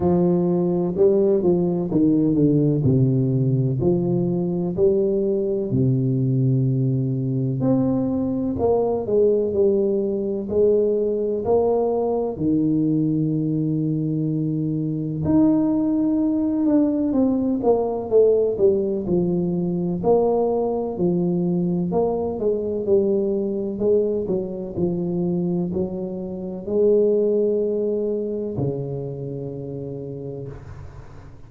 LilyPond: \new Staff \with { instrumentName = "tuba" } { \time 4/4 \tempo 4 = 63 f4 g8 f8 dis8 d8 c4 | f4 g4 c2 | c'4 ais8 gis8 g4 gis4 | ais4 dis2. |
dis'4. d'8 c'8 ais8 a8 g8 | f4 ais4 f4 ais8 gis8 | g4 gis8 fis8 f4 fis4 | gis2 cis2 | }